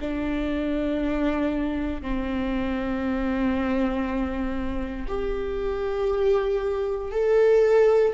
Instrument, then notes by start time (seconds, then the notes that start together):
viola
0.00 D4
2.02 C4
5.08 G4
7.11 A4